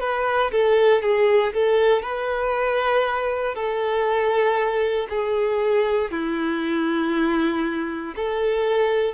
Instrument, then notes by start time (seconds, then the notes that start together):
violin
0.00 B4
0.51 A4
1.02 G#4
1.53 A4
2.02 B4
3.55 A4
5.10 G#4
6.11 E4
8.15 A4